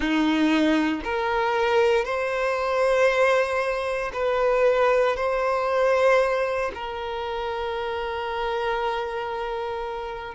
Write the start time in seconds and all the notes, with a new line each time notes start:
0.00 D#4
1.03 A#4
2.04 C5
4.13 B4
5.16 C5
6.74 A#4